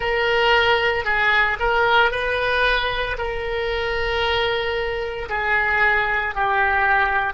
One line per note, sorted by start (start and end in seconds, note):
0.00 1.04 A#4
1.04 1.57 G#4
1.59 2.11 A#4
2.11 3.16 B4
3.18 5.28 A#4
5.29 6.34 G#4
6.34 7.33 G4